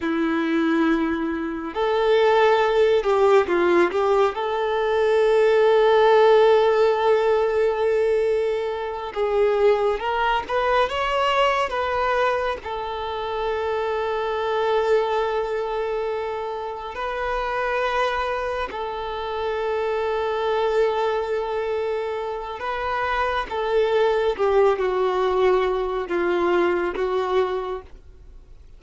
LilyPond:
\new Staff \with { instrumentName = "violin" } { \time 4/4 \tempo 4 = 69 e'2 a'4. g'8 | f'8 g'8 a'2.~ | a'2~ a'8 gis'4 ais'8 | b'8 cis''4 b'4 a'4.~ |
a'2.~ a'8 b'8~ | b'4. a'2~ a'8~ | a'2 b'4 a'4 | g'8 fis'4. f'4 fis'4 | }